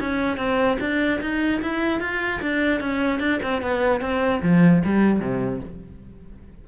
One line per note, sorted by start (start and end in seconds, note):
0.00 0.37 C#4
0.37 0.77 C4
0.80 1.20 D4
1.21 1.61 D#4
1.62 2.00 E4
2.00 2.41 F4
2.41 2.80 D4
2.80 3.19 C#4
3.19 3.40 D4
3.42 3.62 C4
3.62 4.01 B3
4.01 4.41 C4
4.42 4.83 F3
4.85 5.20 G3
5.20 5.60 C3